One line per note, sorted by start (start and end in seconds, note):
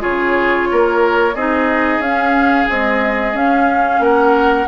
0.00 0.71 C#3
0.00 1.33 F4
0.00 0.68 G#4
0.00 1.36 C#5
0.72 1.35 A#3
0.72 1.35 A#4
1.35 1.99 C4
1.35 2.03 D#4
1.35 4.02 G#4
1.35 2.02 D#5
1.99 2.65 C#4
1.99 2.69 C#4
1.99 2.69 F5
2.69 3.34 G#3
2.69 3.34 C4
2.69 3.37 D#5
3.34 4.00 C#4
3.34 4.68 C#4
3.34 4.03 F5
4.00 4.66 A#3
4.00 4.68 A#4
4.00 4.68 F#5